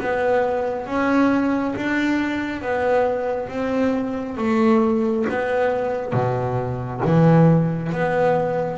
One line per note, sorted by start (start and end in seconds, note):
0.00 0.87 B3
0.87 1.75 C#4
1.76 2.61 D4
2.61 3.49 B3
3.49 4.37 C4
4.38 5.26 A3
5.29 6.13 B3
6.13 7.01 B2
7.05 7.93 E3
7.93 8.78 B3